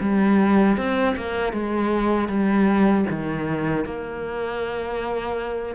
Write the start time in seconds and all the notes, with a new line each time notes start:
0.00 G3
0.77 C4
1.16 A#3
1.53 G#3
2.28 G3
3.10 D#3
3.85 A#3